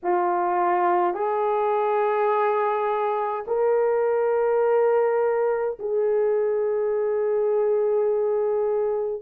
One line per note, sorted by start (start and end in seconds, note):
0.03 1.13 F4
1.13 3.44 G#4
3.47 5.77 A#4
5.78 9.22 G#4